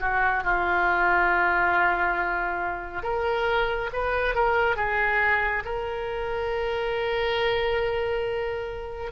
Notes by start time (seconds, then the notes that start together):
0.00 F#4
0.43 F4
3.03 A#4
3.92 B4
4.34 A#4
4.76 G#4
5.64 A#4